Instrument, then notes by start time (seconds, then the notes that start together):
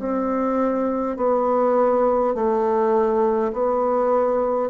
bassoon
0.00 C4
1.17 B3
2.35 A3
3.53 B3